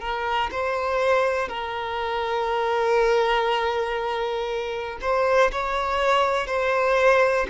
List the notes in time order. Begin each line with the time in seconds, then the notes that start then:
0.00 A#4
0.51 C5
1.48 A#4
5.00 C5
5.51 C#5
6.46 C5